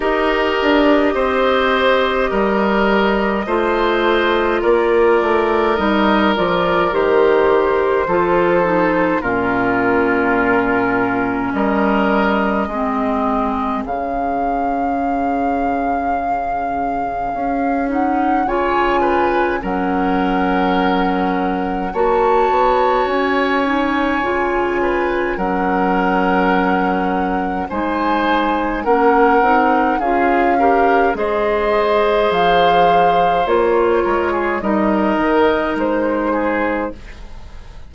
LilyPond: <<
  \new Staff \with { instrumentName = "flute" } { \time 4/4 \tempo 4 = 52 dis''1 | d''4 dis''8 d''8 c''2 | ais'2 dis''2 | f''2.~ f''8 fis''8 |
gis''4 fis''2 a''4 | gis''2 fis''2 | gis''4 fis''4 f''4 dis''4 | f''4 cis''4 dis''4 c''4 | }
  \new Staff \with { instrumentName = "oboe" } { \time 4/4 ais'4 c''4 ais'4 c''4 | ais'2. a'4 | f'2 ais'4 gis'4~ | gis'1 |
cis''8 b'8 ais'2 cis''4~ | cis''4. b'8 ais'2 | c''4 ais'4 gis'8 ais'8 c''4~ | c''4. ais'16 gis'16 ais'4. gis'8 | }
  \new Staff \with { instrumentName = "clarinet" } { \time 4/4 g'2. f'4~ | f'4 dis'8 f'8 g'4 f'8 dis'8 | cis'2. c'4 | cis'2.~ cis'8 dis'8 |
f'4 cis'2 fis'4~ | fis'8 dis'8 f'4 cis'2 | dis'4 cis'8 dis'8 f'8 g'8 gis'4~ | gis'4 f'4 dis'2 | }
  \new Staff \with { instrumentName = "bassoon" } { \time 4/4 dis'8 d'8 c'4 g4 a4 | ais8 a8 g8 f8 dis4 f4 | ais,2 g4 gis4 | cis2. cis'4 |
cis4 fis2 ais8 b8 | cis'4 cis4 fis2 | gis4 ais8 c'8 cis'4 gis4 | f4 ais8 gis8 g8 dis8 gis4 | }
>>